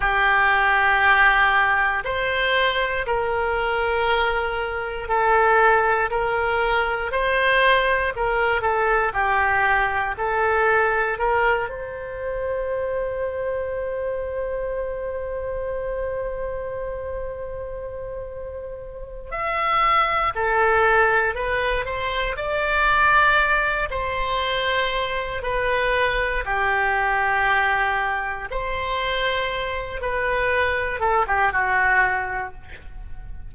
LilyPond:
\new Staff \with { instrumentName = "oboe" } { \time 4/4 \tempo 4 = 59 g'2 c''4 ais'4~ | ais'4 a'4 ais'4 c''4 | ais'8 a'8 g'4 a'4 ais'8 c''8~ | c''1~ |
c''2. e''4 | a'4 b'8 c''8 d''4. c''8~ | c''4 b'4 g'2 | c''4. b'4 a'16 g'16 fis'4 | }